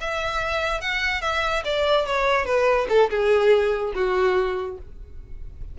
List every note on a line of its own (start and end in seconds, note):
0.00 0.80 E5
0.80 1.21 F#5
1.21 1.63 E5
1.64 2.06 D5
2.06 2.45 C#5
2.45 2.87 B4
2.89 3.09 A4
3.10 3.93 G#4
3.94 4.77 F#4